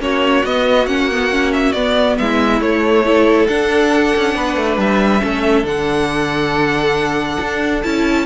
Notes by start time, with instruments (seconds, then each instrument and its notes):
0.00 cello A#3, viola C#4, violin F#4 C#5
0.44 cello B3, viola B3, violin D#5
0.87 cello A#3, viola C#4, violin F#5
1.12 viola B3
1.31 viola C#4
1.53 violin E5
1.73 cello B3, viola B3, violin D5
2.19 cello G#3, violin E4 E5
2.61 cello A3, viola A3, violin C#5
3.06 viola E4, violin A4
3.47 viola D4, cello D4, violin F#5
4.16 cello C#4
4.35 cello B3, violin B4
4.57 cello A3
4.78 cello G3, violin E5
5.21 cello A3, viola C#4, violin A4
5.64 cello D3, viola D4, violin F#5
7.40 cello D4
7.83 cello C#4, viola E4, violin A5